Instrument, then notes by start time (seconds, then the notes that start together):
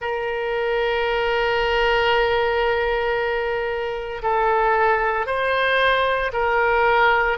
oboe
0.00 A#4
4.22 A4
5.26 C5
6.33 A#4